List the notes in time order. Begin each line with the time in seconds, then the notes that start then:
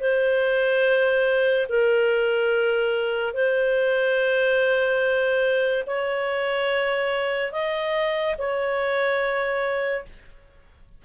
0.00 C5
1.69 A#4
3.34 C5
5.86 C#5
7.52 D#5
8.38 C#5